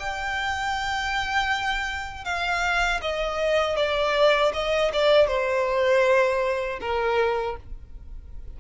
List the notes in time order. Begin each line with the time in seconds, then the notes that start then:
0.00 G5
2.25 F5
3.01 D#5
3.76 D5
4.53 D#5
4.93 D5
5.28 C5
6.81 A#4